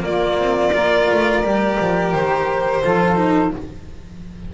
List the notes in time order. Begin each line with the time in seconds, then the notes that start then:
0.00 A#3 F4 D5
0.38 C4
0.73 A#3 F4 A#4
1.11 A3
1.43 G3 G4
1.80 F3
2.13 D#3 C5
2.83 F3 F4 A4
3.16 D#4